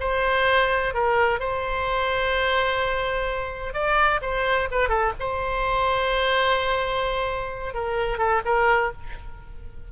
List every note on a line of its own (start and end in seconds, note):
0.00 0.94 C5
0.94 1.40 A#4
1.40 3.74 C5
3.74 4.20 D5
4.22 4.69 C5
4.71 4.89 B4
4.89 5.12 A4
5.19 7.74 C5
7.74 8.18 A#4
8.18 8.41 A4
8.45 8.92 A#4